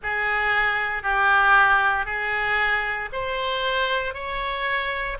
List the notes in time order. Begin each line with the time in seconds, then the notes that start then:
0.03 G#4
1.03 G4
2.05 G#4
3.12 C5
4.14 C#5